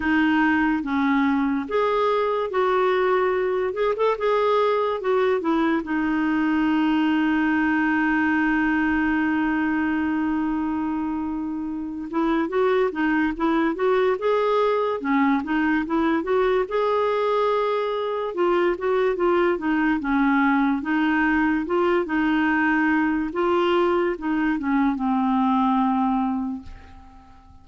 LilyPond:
\new Staff \with { instrumentName = "clarinet" } { \time 4/4 \tempo 4 = 72 dis'4 cis'4 gis'4 fis'4~ | fis'8 gis'16 a'16 gis'4 fis'8 e'8 dis'4~ | dis'1~ | dis'2~ dis'8 e'8 fis'8 dis'8 |
e'8 fis'8 gis'4 cis'8 dis'8 e'8 fis'8 | gis'2 f'8 fis'8 f'8 dis'8 | cis'4 dis'4 f'8 dis'4. | f'4 dis'8 cis'8 c'2 | }